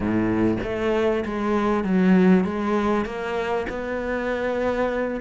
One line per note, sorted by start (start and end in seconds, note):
0.00 0.57 A2
0.63 1.24 A3
1.25 1.83 G#3
1.83 2.44 F#3
2.44 3.05 G#3
3.05 3.66 A#3
3.69 5.20 B3